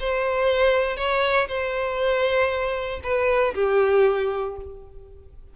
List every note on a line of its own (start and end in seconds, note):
0.00 0.97 C5
0.97 1.48 C#5
1.48 3.00 C5
3.03 3.54 B4
3.55 4.56 G4